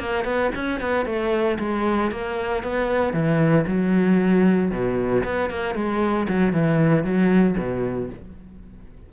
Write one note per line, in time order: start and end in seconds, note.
0.00 0.25 A#3
0.25 0.51 B3
0.56 0.81 C#4
0.81 1.06 B3
1.06 1.58 A3
1.59 2.12 G#3
2.12 2.63 A#3
2.63 3.14 B3
3.14 3.66 E3
3.67 4.71 F#3
4.72 5.24 B2
5.24 5.50 B3
5.50 5.75 A#3
5.75 6.28 G#3
6.29 6.53 F#3
6.53 7.04 E3
7.04 7.57 F#3
7.58 8.10 B2